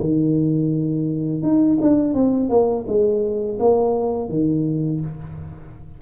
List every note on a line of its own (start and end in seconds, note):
0.00 1.42 D#3
1.42 1.78 D#4
1.81 2.14 D4
2.14 2.49 C4
2.49 2.85 A#3
2.87 3.58 G#3
3.59 4.29 A#3
4.29 5.00 D#3